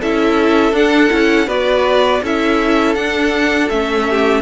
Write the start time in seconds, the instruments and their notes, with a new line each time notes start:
0.00 cello C#4, viola E4, violin A4 E5
0.73 cello D4, viola D4, violin F#5
1.09 cello C#4, viola E4
1.47 cello B3, viola F#4, violin B4 D5
2.23 cello C#4, viola E4, violin A4 E5
2.95 cello D4, viola D4, violin F#5
3.69 cello A3, viola C#4, violin E5
4.10 violin G4